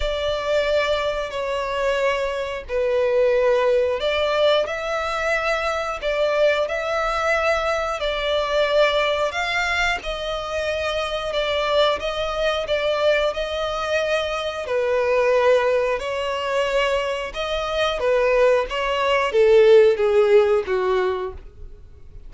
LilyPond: \new Staff \with { instrumentName = "violin" } { \time 4/4 \tempo 4 = 90 d''2 cis''2 | b'2 d''4 e''4~ | e''4 d''4 e''2 | d''2 f''4 dis''4~ |
dis''4 d''4 dis''4 d''4 | dis''2 b'2 | cis''2 dis''4 b'4 | cis''4 a'4 gis'4 fis'4 | }